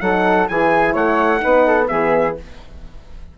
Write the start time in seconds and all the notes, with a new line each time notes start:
0.00 F#3 D#4 A4 F#5
0.48 E3 E4 G#4 G#5
0.92 A3 C#5 F#5
1.38 D#4 B4
1.44 B3
1.66 A4
1.88 E3 B3 G#4 E5